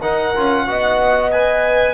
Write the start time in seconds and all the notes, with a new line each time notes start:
0.00 D#4 A#4 F#5
0.35 C#4 F4
0.67 B3 F#4 D#5
1.31 B4 G#5